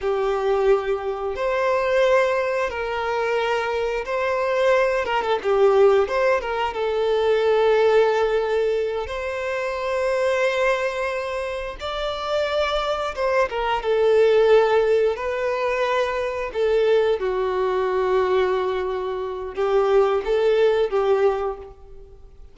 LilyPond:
\new Staff \with { instrumentName = "violin" } { \time 4/4 \tempo 4 = 89 g'2 c''2 | ais'2 c''4. ais'16 a'16 | g'4 c''8 ais'8 a'2~ | a'4. c''2~ c''8~ |
c''4. d''2 c''8 | ais'8 a'2 b'4.~ | b'8 a'4 fis'2~ fis'8~ | fis'4 g'4 a'4 g'4 | }